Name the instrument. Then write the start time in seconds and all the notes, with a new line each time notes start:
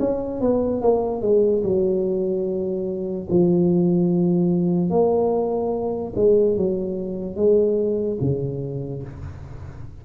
tuba
0.00 C#4
0.41 B3
0.82 A#3
1.22 G#3
1.64 F#3
3.30 F3
4.90 A#3
6.16 G#3
6.57 F#3
7.36 G#3
8.21 C#3